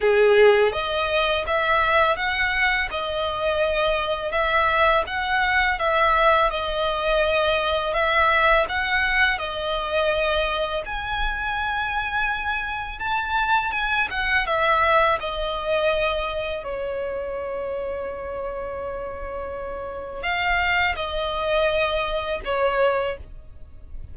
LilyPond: \new Staff \with { instrumentName = "violin" } { \time 4/4 \tempo 4 = 83 gis'4 dis''4 e''4 fis''4 | dis''2 e''4 fis''4 | e''4 dis''2 e''4 | fis''4 dis''2 gis''4~ |
gis''2 a''4 gis''8 fis''8 | e''4 dis''2 cis''4~ | cis''1 | f''4 dis''2 cis''4 | }